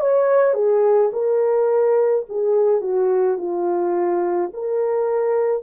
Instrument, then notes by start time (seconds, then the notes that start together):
horn
0.00 C#5
0.54 G#4
1.13 A#4
2.29 G#4
2.81 F#4
3.38 F4
4.53 A#4